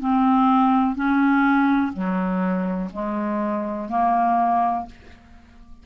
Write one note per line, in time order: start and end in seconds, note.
0.00 0.95 C4
0.95 1.92 C#4
1.93 2.90 F#3
2.93 3.89 G#3
3.89 4.86 A#3